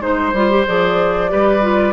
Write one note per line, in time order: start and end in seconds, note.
0.00 0.32 G#3
0.00 0.32 D#4
0.00 0.65 C5
0.00 1.31 C5
0.33 0.65 G3
0.33 0.50 F4
0.50 0.66 G4
0.67 1.32 F3
0.67 1.28 G#4
0.67 1.93 D5
1.28 1.93 G3
1.28 1.60 G4
1.28 1.93 B4
1.61 1.93 F4